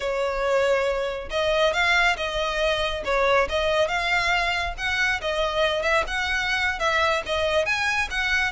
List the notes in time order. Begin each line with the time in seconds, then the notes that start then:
0.00 C#5
1.30 D#5
1.73 F5
2.17 D#5
3.05 C#5
3.49 D#5
3.87 F5
4.77 F#5
5.21 D#5
5.82 E5
6.07 F#5
6.79 E5
7.26 D#5
7.65 G#5
8.10 F#5